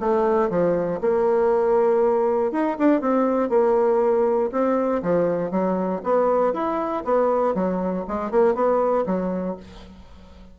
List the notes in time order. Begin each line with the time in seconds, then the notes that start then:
0.00 A3
0.50 F3
1.01 A#3
2.52 D#4
2.79 D4
3.01 C4
3.50 A#3
4.52 C4
5.03 F3
5.51 F#3
6.03 B3
6.54 E4
7.05 B3
7.55 F#3
8.08 G#3
8.31 A#3
8.55 B3
9.07 F#3